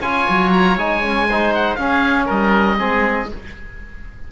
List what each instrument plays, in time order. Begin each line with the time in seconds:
0.00 cello C#4, trombone F4, oboe C#5 G#5
0.29 cello F#3
0.52 oboe A#5
0.76 cello G#3, trombone D#4, oboe G#5
1.03 trombone C#4
1.28 trombone D#4, oboe C5
1.54 oboe F#5
1.75 cello C#4, trombone C#4, oboe G#4 F5
2.25 cello G3, oboe A#4 D#5
2.78 cello G#3, trombone C4, oboe G#4